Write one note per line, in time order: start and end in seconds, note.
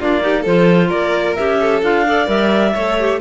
0.00 0.46 A#3
0.00 0.20 D4
0.00 0.23 F4
0.00 0.45 D5
0.20 0.44 D#4
0.20 0.42 G4
0.42 0.91 F3
0.42 1.37 F4
0.42 0.88 A4
0.42 0.90 C5
0.88 1.38 A#3
0.88 1.57 A#4
0.88 1.35 D5
1.35 1.82 C#4
1.35 1.82 G4
1.35 1.81 E5
1.60 2.07 A4
1.82 2.28 D4
1.82 2.06 F4
1.82 2.29 F5
2.07 2.27 A4
2.07 2.74 D5
2.27 2.74 G3
2.27 2.73 A#4
2.27 3.21 E5
2.74 3.21 A3
2.74 2.99 A4
2.74 3.20 C#5
2.99 3.21 G4